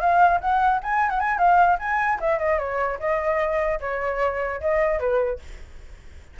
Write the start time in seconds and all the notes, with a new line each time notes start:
0.00 F5
0.41 F#5
0.83 G#5
1.10 F#5
1.20 G#5
1.38 F5
1.79 G#5
2.20 E5
2.39 D#5
2.59 C#5
2.99 D#5
3.80 C#5
4.61 D#5
4.99 B4